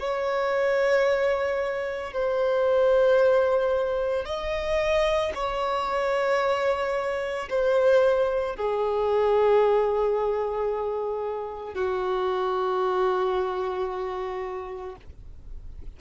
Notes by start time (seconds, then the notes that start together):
0.00 C#5
2.14 C5
4.26 D#5
5.35 C#5
7.50 C5
8.57 G#4
11.75 F#4